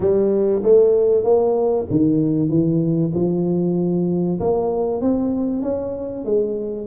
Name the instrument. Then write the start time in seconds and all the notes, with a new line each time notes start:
tuba
0.00 G3
0.62 A3
1.24 A#3
1.90 D#3
2.49 E3
3.14 F3
4.39 A#3
5.01 C4
5.62 C#4
6.24 G#3